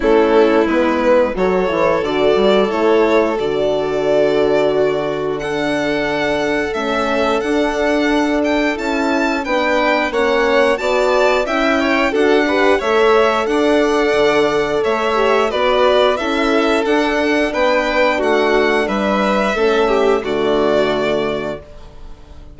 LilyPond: <<
  \new Staff \with { instrumentName = "violin" } { \time 4/4 \tempo 4 = 89 a'4 b'4 cis''4 d''4 | cis''4 d''2. | fis''2 e''4 fis''4~ | fis''8 g''8 a''4 g''4 fis''4 |
a''4 g''4 fis''4 e''4 | fis''2 e''4 d''4 | e''4 fis''4 g''4 fis''4 | e''2 d''2 | }
  \new Staff \with { instrumentName = "violin" } { \time 4/4 e'2 a'2~ | a'2. fis'4 | a'1~ | a'2 b'4 cis''4 |
d''4 e''8 cis''8 a'8 b'8 cis''4 | d''2 cis''4 b'4 | a'2 b'4 fis'4 | b'4 a'8 g'8 fis'2 | }
  \new Staff \with { instrumentName = "horn" } { \time 4/4 cis'4 b4 fis'8 e'8 fis'4 | e'4 fis'2. | d'2 cis'4 d'4~ | d'4 e'4 d'4 cis'4 |
fis'4 e'4 fis'8 g'8 a'4~ | a'2~ a'8 g'8 fis'4 | e'4 d'2.~ | d'4 cis'4 a2 | }
  \new Staff \with { instrumentName = "bassoon" } { \time 4/4 a4 gis4 fis8 e8 d8 g8 | a4 d2.~ | d2 a4 d'4~ | d'4 cis'4 b4 ais4 |
b4 cis'4 d'4 a4 | d'4 d4 a4 b4 | cis'4 d'4 b4 a4 | g4 a4 d2 | }
>>